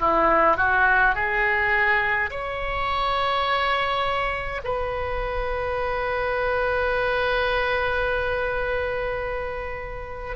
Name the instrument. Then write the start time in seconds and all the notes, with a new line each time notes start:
oboe
0.00 E4
0.57 F#4
1.15 G#4
2.31 C#5
4.65 B4